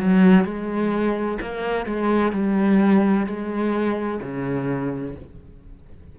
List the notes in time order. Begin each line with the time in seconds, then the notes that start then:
0.00 F#3
0.44 G#3
1.42 A#3
1.86 G#3
2.33 G3
3.26 G#3
4.22 C#3